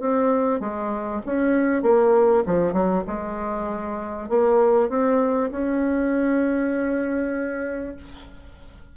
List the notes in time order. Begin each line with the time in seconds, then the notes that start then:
0.00 C4
0.60 G#3
1.25 C#4
1.82 A#3
2.46 F3
2.73 F#3
3.07 G#3
4.29 A#3
4.89 C4
5.51 C#4